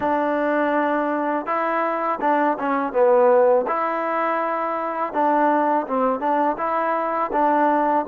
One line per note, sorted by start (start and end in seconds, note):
0.00 1.46 D4
1.46 2.19 E4
2.21 2.57 D4
2.58 2.92 C#4
2.92 3.66 B3
3.67 5.13 E4
5.13 5.86 D4
5.87 6.20 C4
6.20 6.56 D4
6.57 7.30 E4
7.32 8.05 D4